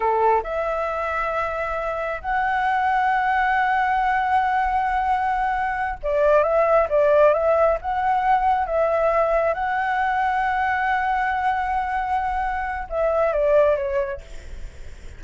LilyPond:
\new Staff \with { instrumentName = "flute" } { \time 4/4 \tempo 4 = 135 a'4 e''2.~ | e''4 fis''2.~ | fis''1~ | fis''4. d''4 e''4 d''8~ |
d''8 e''4 fis''2 e''8~ | e''4. fis''2~ fis''8~ | fis''1~ | fis''4 e''4 d''4 cis''4 | }